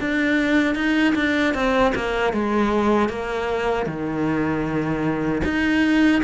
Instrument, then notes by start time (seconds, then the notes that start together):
cello
0.00 D4
0.75 D#4
1.15 D4
1.54 C4
1.95 A#3
2.33 G#3
3.09 A#3
3.86 D#3
5.44 D#4